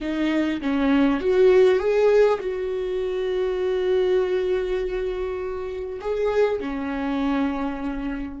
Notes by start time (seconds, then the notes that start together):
0.00 D#4
0.61 C#4
1.20 F#4
1.79 G#4
2.40 F#4
6.00 G#4
6.60 C#4